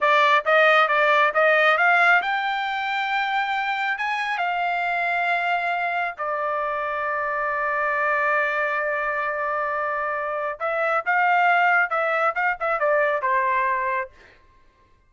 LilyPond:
\new Staff \with { instrumentName = "trumpet" } { \time 4/4 \tempo 4 = 136 d''4 dis''4 d''4 dis''4 | f''4 g''2.~ | g''4 gis''4 f''2~ | f''2 d''2~ |
d''1~ | d''1 | e''4 f''2 e''4 | f''8 e''8 d''4 c''2 | }